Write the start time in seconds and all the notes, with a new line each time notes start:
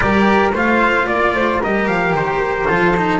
0.00 G3 G4 A#4 D5
0.52 A3 F4 C5 F5
1.06 A#3 D5
1.33 A3 C5
1.61 G3 G4 A#4 D#5
1.87 F3 F5
2.12 D#3 C5
2.67 F3 F4 A4
2.97 D#4